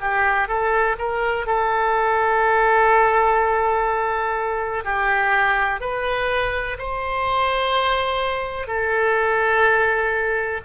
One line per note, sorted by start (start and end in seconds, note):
0.00 0.48 G4
0.48 0.96 A4
0.98 1.46 A#4
1.46 4.84 A4
4.84 5.80 G4
5.80 6.77 B4
6.78 8.67 C5
8.67 10.61 A4